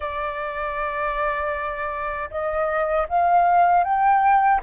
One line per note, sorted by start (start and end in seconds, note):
0.00 2.29 D5
2.30 3.07 D#5
3.08 3.84 F5
3.84 4.60 G5